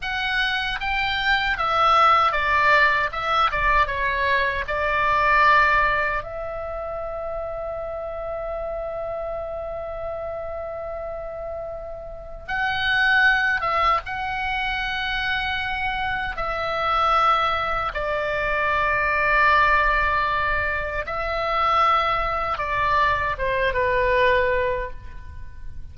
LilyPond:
\new Staff \with { instrumentName = "oboe" } { \time 4/4 \tempo 4 = 77 fis''4 g''4 e''4 d''4 | e''8 d''8 cis''4 d''2 | e''1~ | e''1 |
fis''4. e''8 fis''2~ | fis''4 e''2 d''4~ | d''2. e''4~ | e''4 d''4 c''8 b'4. | }